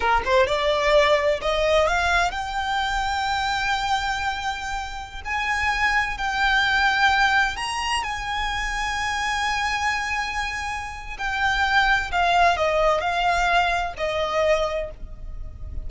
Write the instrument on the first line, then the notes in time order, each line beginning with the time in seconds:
violin
0.00 A#4
0.25 C5
0.47 D5
1.41 D#5
1.87 F5
2.31 G5
5.24 G#5
6.17 G5
7.56 A#5
8.03 G#5
11.18 G5
12.11 F5
12.57 D#5
13.00 F5
13.97 D#5